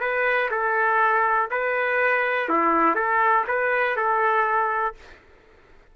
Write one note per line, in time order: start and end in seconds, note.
0.00 0.49 B4
0.51 1.49 A4
1.51 2.49 B4
2.49 2.95 E4
2.95 3.44 A4
3.47 3.96 B4
3.96 4.94 A4